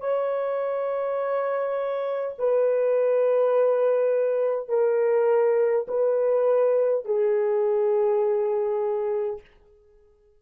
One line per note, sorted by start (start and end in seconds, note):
0.00 2.35 C#5
2.39 4.69 B4
4.69 5.87 A#4
5.88 7.05 B4
7.05 9.41 G#4